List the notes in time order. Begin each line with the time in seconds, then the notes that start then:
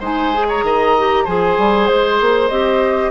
0.00 G#3 D#4 C5 G#5
0.34 G#4
0.48 C#5 A#5
0.63 D#3 D#5
0.98 G4
1.24 F3 G#4 C5 G#5
1.58 G3
1.87 G#3 C5
2.20 A#3
2.49 C4 G4 D#5